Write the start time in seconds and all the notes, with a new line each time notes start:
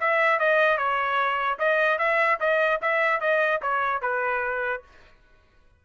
0.00 E5
0.39 D#5
0.77 C#5
1.58 D#5
1.98 E5
2.40 D#5
2.81 E5
3.20 D#5
3.62 C#5
4.01 B4